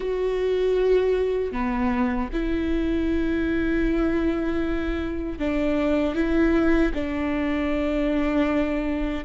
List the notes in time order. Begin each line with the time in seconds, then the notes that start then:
0.00 F#4
1.52 B3
2.32 E4
5.38 D4
6.15 E4
6.94 D4